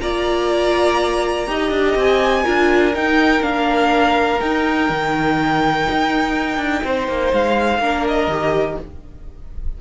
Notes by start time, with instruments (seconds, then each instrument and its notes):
0.00 cello A#3, viola F4, violin D5 A#5
1.46 cello D#4, viola G4, violin D#5
1.70 cello D4
1.95 cello C4, violin G#5
2.43 cello D4, viola F4, violin A#4
2.94 viola D#4, cello D#4, violin G5
3.41 cello A#3, viola D4, violin F5
4.39 cello D#4, viola D#4, violin G5
4.89 cello D#3
5.90 cello D#4
6.57 cello D4
6.83 cello C4, violin C5
7.08 cello A#3
7.32 cello G#3, violin F5
7.78 cello A#3, viola D4, violin A#4
8.07 violin D#5
8.27 cello D#3, viola G4